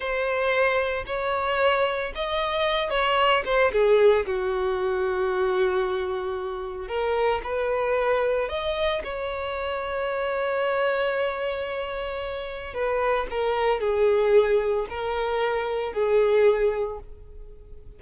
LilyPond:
\new Staff \with { instrumentName = "violin" } { \time 4/4 \tempo 4 = 113 c''2 cis''2 | dis''4. cis''4 c''8 gis'4 | fis'1~ | fis'4 ais'4 b'2 |
dis''4 cis''2.~ | cis''1 | b'4 ais'4 gis'2 | ais'2 gis'2 | }